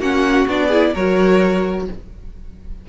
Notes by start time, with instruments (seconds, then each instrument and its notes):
0.00 cello A#3, viola C#4, violin F#4 F#5
0.48 cello B3, viola D4, violin D5
0.68 viola E4, violin G#4
0.94 cello F#3, viola F#4, violin A#4 C#5